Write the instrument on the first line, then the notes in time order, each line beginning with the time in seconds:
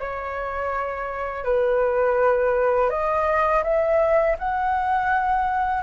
flute
0.00 C#5
1.44 B4
2.90 D#5
3.64 E5
4.39 F#5